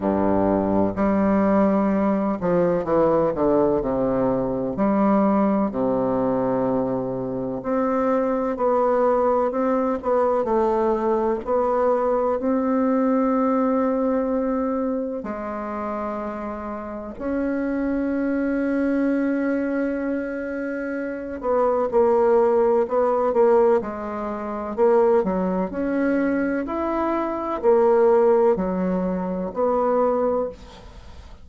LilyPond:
\new Staff \with { instrumentName = "bassoon" } { \time 4/4 \tempo 4 = 63 g,4 g4. f8 e8 d8 | c4 g4 c2 | c'4 b4 c'8 b8 a4 | b4 c'2. |
gis2 cis'2~ | cis'2~ cis'8 b8 ais4 | b8 ais8 gis4 ais8 fis8 cis'4 | e'4 ais4 fis4 b4 | }